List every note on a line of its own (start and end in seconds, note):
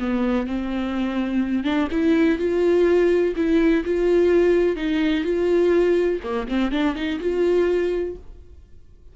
0.00 0.47 B3
0.47 1.65 C4
1.65 1.89 D4
1.91 2.39 E4
2.39 3.35 F4
3.36 3.84 E4
3.85 4.77 F4
4.77 5.24 D#4
5.24 6.20 F4
6.24 6.48 A#3
6.48 6.72 C4
6.72 6.95 D4
6.95 7.19 D#4
7.20 8.16 F4